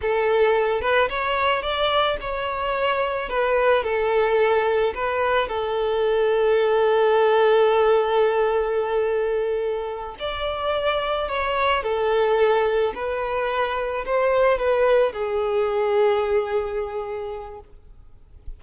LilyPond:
\new Staff \with { instrumentName = "violin" } { \time 4/4 \tempo 4 = 109 a'4. b'8 cis''4 d''4 | cis''2 b'4 a'4~ | a'4 b'4 a'2~ | a'1~ |
a'2~ a'8 d''4.~ | d''8 cis''4 a'2 b'8~ | b'4. c''4 b'4 gis'8~ | gis'1 | }